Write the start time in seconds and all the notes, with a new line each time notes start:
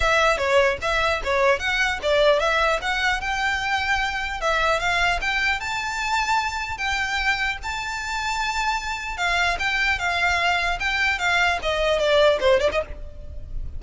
0.00 E5
0.37 C#5
0.81 E5
1.24 C#5
1.59 F#5
2.02 D5
2.39 E5
2.81 F#5
3.20 G5
4.40 E5
4.79 F5
5.21 G5
5.59 A5
6.77 G5
7.62 A5
9.17 F5
9.59 G5
9.98 F5
10.79 G5
11.19 F5
11.62 D#5
11.98 D5
12.40 C5
12.59 D5
12.72 D#5